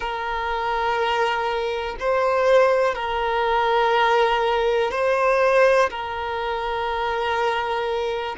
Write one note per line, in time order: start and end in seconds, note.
0.00 1.96 A#4
1.99 2.95 C5
2.95 4.91 A#4
4.91 5.89 C5
5.90 8.36 A#4